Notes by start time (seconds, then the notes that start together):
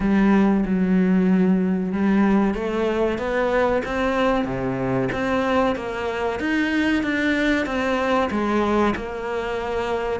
0.00 G3
0.65 F#3
1.92 G3
2.54 A3
3.18 B3
3.85 C4
4.44 C3
5.12 C4
5.75 A#3
6.39 D#4
7.03 D4
7.65 C4
8.30 G#3
8.96 A#3